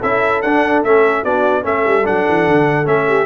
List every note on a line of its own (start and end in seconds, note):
0.00 0.43 C#4
0.00 0.43 E4
0.00 1.22 A4
0.00 0.41 E5
0.41 0.83 D4
0.41 0.85 D4
0.41 0.82 F#5
0.83 1.23 A3
0.83 1.25 C#4
0.83 1.24 E5
1.23 1.64 B3
1.23 1.62 D4
1.23 1.63 F#4
1.23 1.64 D5
1.62 1.84 A3
1.62 2.02 C#4
1.62 3.08 A4
1.62 2.06 E5
1.86 2.06 G3
2.04 2.27 F#3
2.04 2.84 D4
2.04 2.87 F#5
2.28 2.47 E3
2.47 2.86 D3
2.84 3.25 A3
2.84 3.25 C#4
2.84 3.25 E5
3.08 3.25 G4